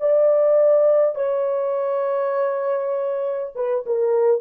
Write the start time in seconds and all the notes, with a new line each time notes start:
0.00 D5
1.15 C#5
3.55 B4
3.86 A#4